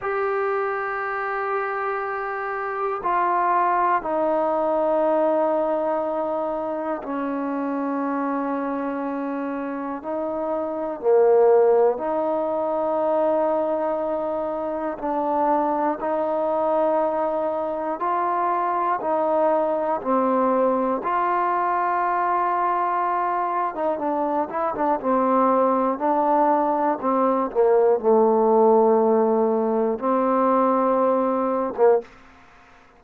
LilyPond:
\new Staff \with { instrumentName = "trombone" } { \time 4/4 \tempo 4 = 60 g'2. f'4 | dis'2. cis'4~ | cis'2 dis'4 ais4 | dis'2. d'4 |
dis'2 f'4 dis'4 | c'4 f'2~ f'8. dis'16 | d'8 e'16 d'16 c'4 d'4 c'8 ais8 | a2 c'4.~ c'16 ais16 | }